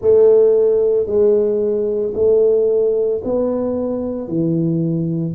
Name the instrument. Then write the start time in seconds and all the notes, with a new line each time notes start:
tuba
0.01 A3
1.06 G#3
2.14 A3
3.24 B3
4.28 E3